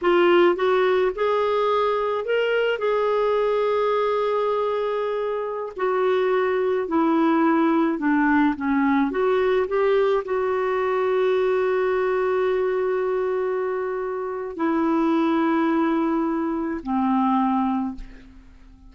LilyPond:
\new Staff \with { instrumentName = "clarinet" } { \time 4/4 \tempo 4 = 107 f'4 fis'4 gis'2 | ais'4 gis'2.~ | gis'2~ gis'16 fis'4.~ fis'16~ | fis'16 e'2 d'4 cis'8.~ |
cis'16 fis'4 g'4 fis'4.~ fis'16~ | fis'1~ | fis'2 e'2~ | e'2 c'2 | }